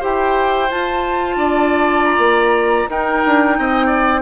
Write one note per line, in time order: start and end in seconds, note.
0.00 0.70 E4
0.00 0.68 G4
0.00 1.35 C5
0.00 0.71 G5
0.69 2.88 F4
0.69 1.36 F4
0.69 2.04 A5
1.36 2.18 D4
1.36 2.89 D5
2.04 2.88 A#5
2.18 2.85 A#3
2.89 4.22 D#4
2.89 3.22 D#4
2.89 3.57 A#4
2.89 4.22 G5
3.25 3.58 D4
3.58 4.22 C4
3.58 3.86 D#5
3.86 4.20 D5